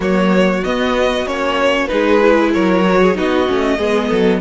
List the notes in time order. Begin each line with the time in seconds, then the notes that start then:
0.00 F#3 A#3 F#4 C#5
0.64 B3 D#5
1.25 A#3 C#4 C#5
1.87 G#3 D#4 G#4 B4
2.20 E4
2.53 F#3 A#4 C#5
2.86 F#4
3.01 G#4
3.13 B3 D#4 F#4 D#5
3.46 A3 C#4
3.77 G#3 B3 G#4
4.08 F#3 A4